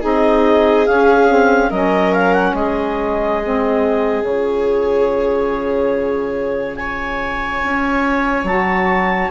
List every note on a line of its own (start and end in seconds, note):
0.00 0.88 C4
0.00 0.85 D#4
0.00 1.69 G#4
0.00 0.86 D#5
0.86 1.28 C#4
0.86 1.71 C#4
0.86 1.70 F5
1.28 1.70 C4
1.69 2.53 F#3
1.69 3.42 C#4
1.69 2.54 A#4
1.69 2.13 D#5
2.13 2.33 F5
2.33 2.54 F#5
2.53 4.22 G#3
2.53 6.77 G#4
2.53 4.24 D#5
3.43 4.24 C4
4.23 7.61 C#3
4.23 8.46 F4
4.23 6.76 C#5
6.76 9.30 C#5
6.76 8.45 G#5
7.63 8.44 C#4
8.44 9.28 F#3
8.44 9.30 F#4
8.44 9.30 A5